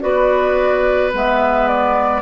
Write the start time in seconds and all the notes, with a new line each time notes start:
0.00 B3 F#4 B4 D5
1.12 G#3 B3 E5
1.68 D5